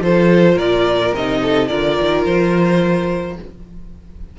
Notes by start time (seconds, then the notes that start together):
0.00 F3 F4 A4 C5
0.55 A#2 A#4 D5
1.13 C3 D#4 D#5
1.42 A4
1.68 D3 F4 A#4 D5
2.00 D#3
2.25 F3 C5